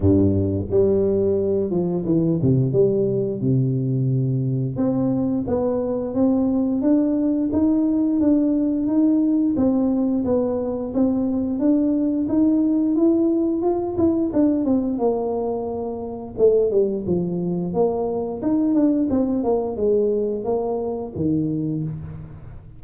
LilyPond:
\new Staff \with { instrumentName = "tuba" } { \time 4/4 \tempo 4 = 88 g,4 g4. f8 e8 c8 | g4 c2 c'4 | b4 c'4 d'4 dis'4 | d'4 dis'4 c'4 b4 |
c'4 d'4 dis'4 e'4 | f'8 e'8 d'8 c'8 ais2 | a8 g8 f4 ais4 dis'8 d'8 | c'8 ais8 gis4 ais4 dis4 | }